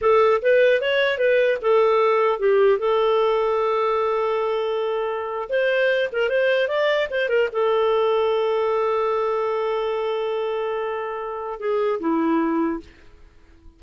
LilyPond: \new Staff \with { instrumentName = "clarinet" } { \time 4/4 \tempo 4 = 150 a'4 b'4 cis''4 b'4 | a'2 g'4 a'4~ | a'1~ | a'4.~ a'16 c''4. ais'8 c''16~ |
c''8. d''4 c''8 ais'8 a'4~ a'16~ | a'1~ | a'1~ | a'4 gis'4 e'2 | }